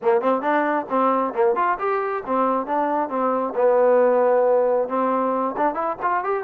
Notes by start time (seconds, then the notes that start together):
0.02 A#3
0.21 C4
0.41 D4
0.89 C4
1.33 A#3
1.55 F4
1.78 G4
2.26 C4
2.66 D4
3.09 C4
3.55 B3
4.88 C4
5.56 D4
5.74 E4
6.01 F4
6.24 G4